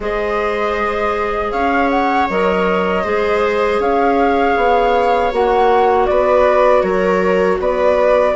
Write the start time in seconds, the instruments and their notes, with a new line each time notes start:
0.00 bassoon G#3, clarinet G#4, viola C5, flute D#5
1.51 bassoon C#4, viola C#5, flute F5
1.90 flute F#5
2.29 bassoon F#3, clarinet A#4, flute D#5
3.03 bassoon G#3, clarinet G#4, viola C5
3.79 bassoon C#4, viola C#5, flute F5
4.56 bassoon B3
5.31 bassoon A#3, clarinet F#4, flute F#5
6.06 bassoon B3, viola B4, flute D5
6.81 bassoon F#3, viola A#4, flute C#5
7.59 bassoon B3, viola B4, flute D5